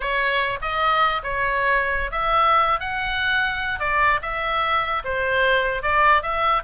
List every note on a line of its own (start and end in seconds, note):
0.00 0.59 C#5
0.61 1.22 D#5
1.23 2.11 C#5
2.11 2.80 E5
2.80 3.79 F#5
3.79 4.20 D5
4.22 5.02 E5
5.04 5.82 C5
5.82 6.22 D5
6.22 6.62 E5